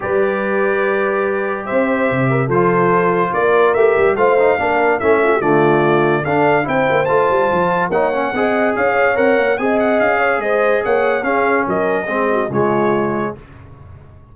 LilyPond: <<
  \new Staff \with { instrumentName = "trumpet" } { \time 4/4 \tempo 4 = 144 d''1 | e''2 c''2 | d''4 e''4 f''2 | e''4 d''2 f''4 |
g''4 a''2 fis''4~ | fis''4 f''4 fis''4 gis''8 fis''8 | f''4 dis''4 fis''4 f''4 | dis''2 cis''2 | }
  \new Staff \with { instrumentName = "horn" } { \time 4/4 b'1 | c''4. ais'8 a'2 | ais'2 c''4 ais'4 | e'8 f'16 g'16 f'2 a'4 |
c''2. cis''4 | dis''4 cis''2 dis''4~ | dis''8 cis''8 c''4 cis''4 gis'4 | ais'4 gis'8 fis'8 f'2 | }
  \new Staff \with { instrumentName = "trombone" } { \time 4/4 g'1~ | g'2 f'2~ | f'4 g'4 f'8 dis'8 d'4 | cis'4 a2 d'4 |
e'4 f'2 dis'8 cis'8 | gis'2 ais'4 gis'4~ | gis'2. cis'4~ | cis'4 c'4 gis2 | }
  \new Staff \with { instrumentName = "tuba" } { \time 4/4 g1 | c'4 c4 f2 | ais4 a8 g8 a4 ais4 | a4 d2 d'4 |
c'8 ais8 a8 g8 f4 ais4 | c'4 cis'4 c'8 ais8 c'4 | cis'4 gis4 ais4 cis'4 | fis4 gis4 cis2 | }
>>